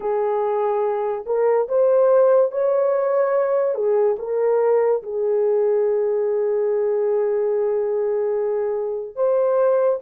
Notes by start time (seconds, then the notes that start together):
0.00 G#4
1.25 A#4
1.68 C5
2.51 C#5
3.74 G#4
4.19 A#4
5.02 G#4
9.15 C5